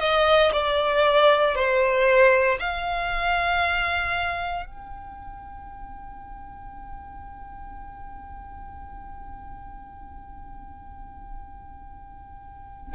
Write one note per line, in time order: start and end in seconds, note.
0.00 0.52 D#5
0.52 1.55 D5
1.55 2.59 C5
2.60 4.66 F5
4.66 12.94 G5